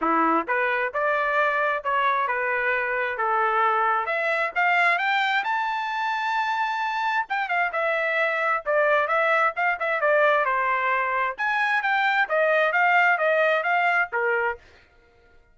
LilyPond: \new Staff \with { instrumentName = "trumpet" } { \time 4/4 \tempo 4 = 132 e'4 b'4 d''2 | cis''4 b'2 a'4~ | a'4 e''4 f''4 g''4 | a''1 |
g''8 f''8 e''2 d''4 | e''4 f''8 e''8 d''4 c''4~ | c''4 gis''4 g''4 dis''4 | f''4 dis''4 f''4 ais'4 | }